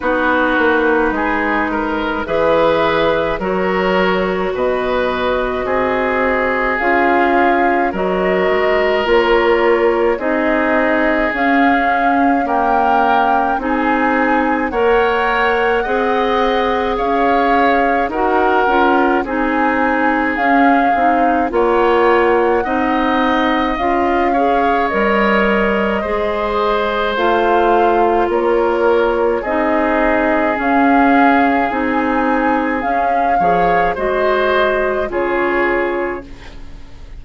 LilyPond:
<<
  \new Staff \with { instrumentName = "flute" } { \time 4/4 \tempo 4 = 53 b'2 e''4 cis''4 | dis''2 f''4 dis''4 | cis''4 dis''4 f''4 g''4 | gis''4 fis''2 f''4 |
fis''4 gis''4 f''4 fis''4~ | fis''4 f''4 dis''2 | f''4 cis''4 dis''4 f''4 | gis''4 f''4 dis''4 cis''4 | }
  \new Staff \with { instrumentName = "oboe" } { \time 4/4 fis'4 gis'8 ais'8 b'4 ais'4 | b'4 gis'2 ais'4~ | ais'4 gis'2 ais'4 | gis'4 cis''4 dis''4 cis''4 |
ais'4 gis'2 cis''4 | dis''4. cis''4. c''4~ | c''4 ais'4 gis'2~ | gis'4. cis''8 c''4 gis'4 | }
  \new Staff \with { instrumentName = "clarinet" } { \time 4/4 dis'2 gis'4 fis'4~ | fis'2 f'4 fis'4 | f'4 dis'4 cis'4 ais4 | dis'4 ais'4 gis'2 |
fis'8 f'8 dis'4 cis'8 dis'8 f'4 | dis'4 f'8 gis'8 ais'4 gis'4 | f'2 dis'4 cis'4 | dis'4 cis'8 gis'8 fis'4 f'4 | }
  \new Staff \with { instrumentName = "bassoon" } { \time 4/4 b8 ais8 gis4 e4 fis4 | b,4 c'4 cis'4 fis8 gis8 | ais4 c'4 cis'2 | c'4 ais4 c'4 cis'4 |
dis'8 cis'8 c'4 cis'8 c'8 ais4 | c'4 cis'4 g4 gis4 | a4 ais4 c'4 cis'4 | c'4 cis'8 f8 gis4 cis4 | }
>>